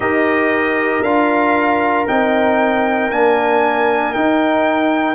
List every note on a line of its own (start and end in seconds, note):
0.00 1.02 D#4
0.00 1.03 G4
0.00 5.15 A#4
0.00 1.02 D#5
1.02 2.06 D4
1.02 2.07 F4
1.02 2.06 F5
2.07 3.10 C4
2.07 3.11 D#4
2.07 3.11 G5
3.10 4.14 A#3
3.10 4.14 D4
3.10 4.13 G#5
4.13 5.15 D#4
4.13 5.15 G5